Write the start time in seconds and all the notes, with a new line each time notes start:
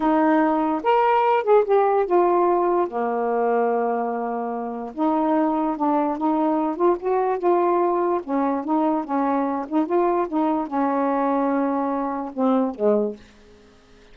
0.00 D#4
0.83 A#4
1.43 G#4
1.65 G4
2.06 F4
2.87 A#3
4.94 D#4
5.76 D4
6.17 D#4
6.75 F4
6.99 F#4
7.38 F4
8.23 C#4
8.64 D#4
9.04 C#4
9.68 D#4
9.86 F4
10.28 D#4
10.67 C#4
12.33 C4
12.75 G#3